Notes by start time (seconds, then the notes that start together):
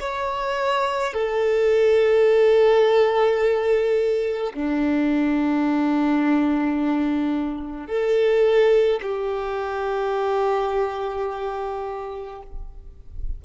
0.00 C#5
1.13 A4
4.54 D4
7.87 A4
9.02 G4